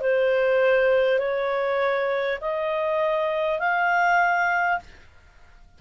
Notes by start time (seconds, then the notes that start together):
0.00 C5
1.18 C#5
2.41 D#5
3.59 F5